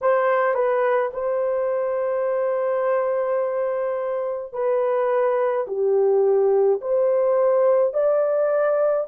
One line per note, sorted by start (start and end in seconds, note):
0.01 0.54 C5
0.54 1.11 B4
1.13 4.53 C5
4.53 5.66 B4
5.67 6.80 G4
6.81 7.93 C5
7.93 9.07 D5